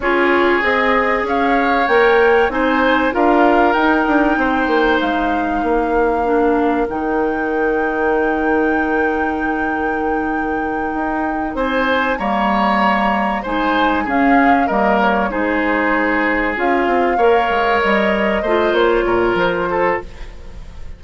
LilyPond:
<<
  \new Staff \with { instrumentName = "flute" } { \time 4/4 \tempo 4 = 96 cis''4 dis''4 f''4 g''4 | gis''4 f''4 g''2 | f''2. g''4~ | g''1~ |
g''2~ g''8 gis''4 ais''8~ | ais''4. gis''4 f''4 dis''8 | cis''8 c''2 f''4.~ | f''8 dis''4. cis''4 c''4 | }
  \new Staff \with { instrumentName = "oboe" } { \time 4/4 gis'2 cis''2 | c''4 ais'2 c''4~ | c''4 ais'2.~ | ais'1~ |
ais'2~ ais'8 c''4 cis''8~ | cis''4. c''4 gis'4 ais'8~ | ais'8 gis'2. cis''8~ | cis''4. c''4 ais'4 a'8 | }
  \new Staff \with { instrumentName = "clarinet" } { \time 4/4 f'4 gis'2 ais'4 | dis'4 f'4 dis'2~ | dis'2 d'4 dis'4~ | dis'1~ |
dis'2.~ dis'8 ais8~ | ais4. dis'4 cis'4 ais8~ | ais8 dis'2 f'4 ais'8~ | ais'4. f'2~ f'8 | }
  \new Staff \with { instrumentName = "bassoon" } { \time 4/4 cis'4 c'4 cis'4 ais4 | c'4 d'4 dis'8 d'8 c'8 ais8 | gis4 ais2 dis4~ | dis1~ |
dis4. dis'4 c'4 g8~ | g4. gis4 cis'4 g8~ | g8 gis2 cis'8 c'8 ais8 | gis8 g4 a8 ais8 ais,8 f4 | }
>>